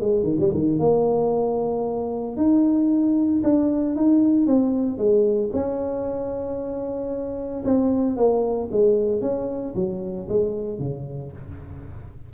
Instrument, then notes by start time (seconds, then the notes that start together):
tuba
0.00 G#3
0.23 D#3
0.39 G3
0.54 D#3
0.79 A#3
2.37 D#4
3.43 D4
3.96 D#4
4.47 C4
4.98 G#3
5.53 C#4
7.65 C4
8.17 A#3
8.71 G#3
9.22 C#4
9.75 F#3
10.28 G#3
10.79 C#3